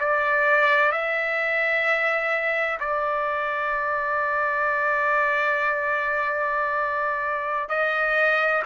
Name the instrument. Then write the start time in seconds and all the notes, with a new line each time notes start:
trumpet
0.00 D5
0.92 E5
2.80 D5
7.69 D#5